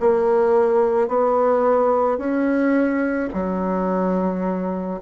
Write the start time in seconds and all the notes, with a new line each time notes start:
0.00 A#3
1.08 B3
2.18 C#4
3.34 F#3